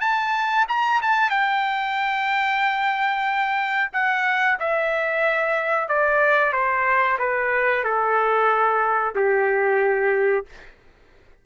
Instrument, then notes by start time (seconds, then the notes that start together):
trumpet
0.00 A5
0.68 A#5
1.02 A5
1.30 G5
3.92 F#5
4.59 E5
5.88 D5
6.52 C5
7.19 B4
7.83 A4
9.15 G4